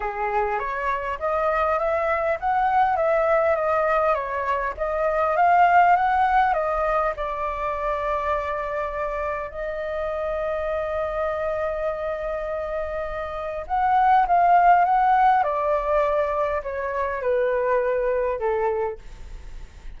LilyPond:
\new Staff \with { instrumentName = "flute" } { \time 4/4 \tempo 4 = 101 gis'4 cis''4 dis''4 e''4 | fis''4 e''4 dis''4 cis''4 | dis''4 f''4 fis''4 dis''4 | d''1 |
dis''1~ | dis''2. fis''4 | f''4 fis''4 d''2 | cis''4 b'2 a'4 | }